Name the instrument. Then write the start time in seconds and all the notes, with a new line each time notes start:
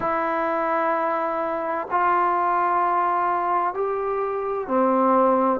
trombone
0.00 E4
1.90 F4
3.73 G4
4.67 C4